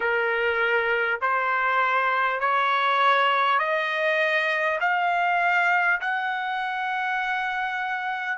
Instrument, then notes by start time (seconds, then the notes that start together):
trumpet
0.00 A#4
1.21 C5
2.39 C#5
3.58 D#5
4.80 F5
6.01 F#5